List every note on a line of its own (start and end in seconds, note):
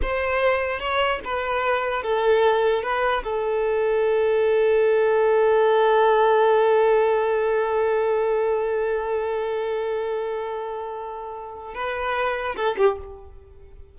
0.02 0.79 C5
0.79 1.20 C#5
1.24 2.02 B4
2.02 2.82 A4
2.82 3.23 B4
3.23 11.74 A4
11.74 12.55 B4
12.56 12.76 A4
12.77 12.97 G4